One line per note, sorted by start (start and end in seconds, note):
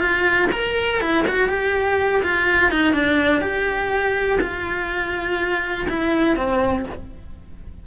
0.00 0.49 F4
0.52 1.01 A#4
1.01 1.25 E4
1.28 1.49 F#4
1.49 2.22 G4
2.23 2.71 F4
2.71 2.93 D#4
2.93 3.41 D4
3.41 4.39 G4
4.41 5.87 F4
5.89 6.36 E4
6.36 6.85 C4